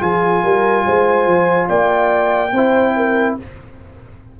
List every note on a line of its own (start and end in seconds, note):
0.00 0.44 F3
0.00 2.50 F4
0.00 0.43 G#4
0.00 1.69 G#5
0.44 0.86 G3
0.44 0.85 A#4
0.86 1.27 G#3
0.86 1.69 C5
1.27 1.68 F3
1.69 2.52 A#3
1.69 2.52 D5
1.69 3.36 G5
2.52 3.36 C4
2.52 3.40 E4
2.52 2.95 C5
2.97 3.38 A#4